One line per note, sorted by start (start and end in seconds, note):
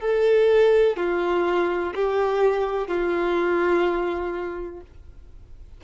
0.00 0.96 A4
0.96 1.93 F4
1.95 2.87 G4
2.87 4.81 F4